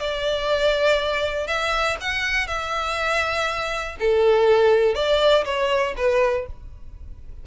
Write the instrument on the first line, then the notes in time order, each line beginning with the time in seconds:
violin
0.00 D5
1.48 E5
2.01 F#5
2.48 E5
4.00 A4
4.95 D5
5.45 C#5
5.97 B4